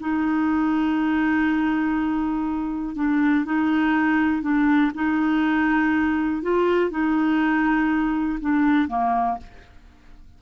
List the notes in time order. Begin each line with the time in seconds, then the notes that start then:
0.00 D#4
2.95 D4
3.45 D#4
4.42 D4
4.94 D#4
6.42 F4
6.90 D#4
8.40 D4
8.88 A#3